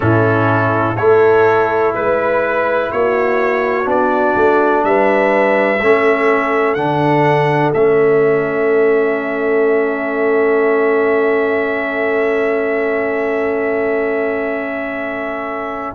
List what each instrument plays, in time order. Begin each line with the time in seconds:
0.00 tuba A2, trombone C#4, horn E4, trumpet A4
0.96 tuba A3, trombone E4, horn A4, trumpet C#5
1.94 tuba G#3, horn B4, trumpet B4
2.91 tuba A#3, horn F#4, trumpet C#5
3.84 tuba B3, trombone D4, trumpet D5
4.35 tuba A3
4.84 tuba G3, horn B4, trumpet E5
5.80 tuba A3, trombone C#4, horn A4
6.74 tuba D3, trombone D4, trumpet F#5
7.73 tuba A3, trombone C#4, trumpet E5